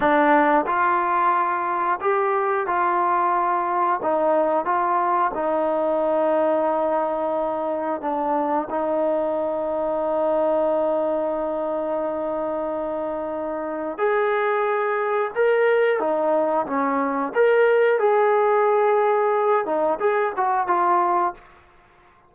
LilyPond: \new Staff \with { instrumentName = "trombone" } { \time 4/4 \tempo 4 = 90 d'4 f'2 g'4 | f'2 dis'4 f'4 | dis'1 | d'4 dis'2.~ |
dis'1~ | dis'4 gis'2 ais'4 | dis'4 cis'4 ais'4 gis'4~ | gis'4. dis'8 gis'8 fis'8 f'4 | }